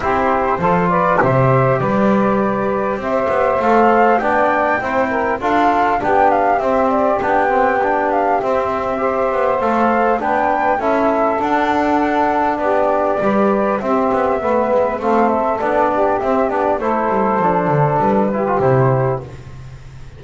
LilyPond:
<<
  \new Staff \with { instrumentName = "flute" } { \time 4/4 \tempo 4 = 100 c''4. d''8 e''4 d''4~ | d''4 e''4 f''4 g''4~ | g''4 f''4 g''8 f''8 e''8 d''8 | g''4. f''8 e''2 |
f''4 g''4 e''4 fis''4~ | fis''4 d''2 e''4~ | e''4 f''8 e''8 d''4 e''8 d''8 | c''2 b'4 c''4 | }
  \new Staff \with { instrumentName = "saxophone" } { \time 4/4 g'4 a'8 b'8 c''4 b'4~ | b'4 c''2 d''4 | c''8 ais'8 a'4 g'2~ | g'2. c''4~ |
c''4 b'4 a'2~ | a'4 g'4 b'4 g'4 | b'4 a'4. g'4. | a'2~ a'8 g'4. | }
  \new Staff \with { instrumentName = "trombone" } { \time 4/4 e'4 f'4 g'2~ | g'2 a'4 d'4 | e'4 f'4 d'4 c'4 | d'8 c'8 d'4 c'4 g'4 |
a'4 d'4 e'4 d'4~ | d'2 g'4 c'4 | b4 c'4 d'4 c'8 d'8 | e'4 d'4. e'16 f'16 e'4 | }
  \new Staff \with { instrumentName = "double bass" } { \time 4/4 c'4 f4 c4 g4~ | g4 c'8 b8 a4 b4 | c'4 d'4 b4 c'4 | b2 c'4. b8 |
a4 b4 cis'4 d'4~ | d'4 b4 g4 c'8 b8 | a8 gis8 a4 b4 c'8 b8 | a8 g8 f8 d8 g4 c4 | }
>>